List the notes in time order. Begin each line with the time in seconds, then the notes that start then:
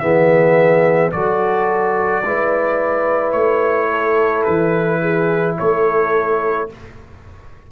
0.00 E3 B3 G#4 E5
1.12 F#3 F#4 A4 D5
2.24 G#3 E4 B4
3.32 A3 C#5
3.90 A4
4.44 E3 B4
5.01 G#4
5.59 A3 A4 C#5